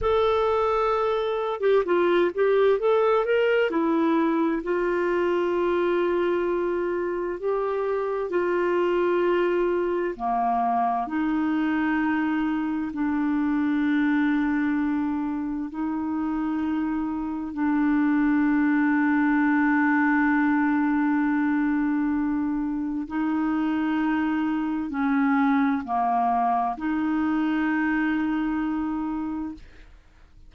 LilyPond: \new Staff \with { instrumentName = "clarinet" } { \time 4/4 \tempo 4 = 65 a'4.~ a'16 g'16 f'8 g'8 a'8 ais'8 | e'4 f'2. | g'4 f'2 ais4 | dis'2 d'2~ |
d'4 dis'2 d'4~ | d'1~ | d'4 dis'2 cis'4 | ais4 dis'2. | }